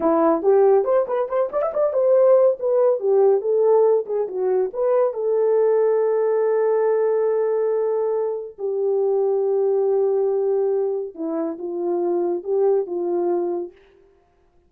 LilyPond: \new Staff \with { instrumentName = "horn" } { \time 4/4 \tempo 4 = 140 e'4 g'4 c''8 b'8 c''8 d''16 e''16 | d''8 c''4. b'4 g'4 | a'4. gis'8 fis'4 b'4 | a'1~ |
a'1 | g'1~ | g'2 e'4 f'4~ | f'4 g'4 f'2 | }